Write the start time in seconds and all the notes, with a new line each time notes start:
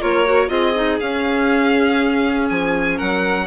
0.00 A#3 F4 A#4 C#5
0.25 F#4
0.48 C4 F4 G#4 D#5
0.75 D#4
1.00 C#4 F5
2.49 F3 G#5
2.97 F#3 A#4 F#5